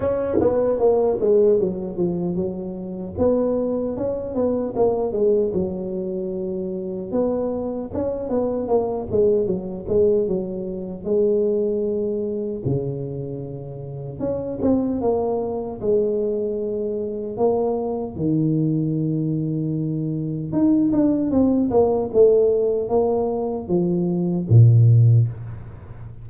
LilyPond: \new Staff \with { instrumentName = "tuba" } { \time 4/4 \tempo 4 = 76 cis'8 b8 ais8 gis8 fis8 f8 fis4 | b4 cis'8 b8 ais8 gis8 fis4~ | fis4 b4 cis'8 b8 ais8 gis8 | fis8 gis8 fis4 gis2 |
cis2 cis'8 c'8 ais4 | gis2 ais4 dis4~ | dis2 dis'8 d'8 c'8 ais8 | a4 ais4 f4 ais,4 | }